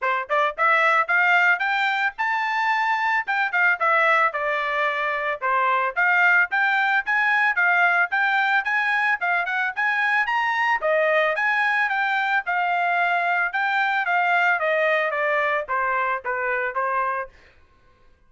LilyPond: \new Staff \with { instrumentName = "trumpet" } { \time 4/4 \tempo 4 = 111 c''8 d''8 e''4 f''4 g''4 | a''2 g''8 f''8 e''4 | d''2 c''4 f''4 | g''4 gis''4 f''4 g''4 |
gis''4 f''8 fis''8 gis''4 ais''4 | dis''4 gis''4 g''4 f''4~ | f''4 g''4 f''4 dis''4 | d''4 c''4 b'4 c''4 | }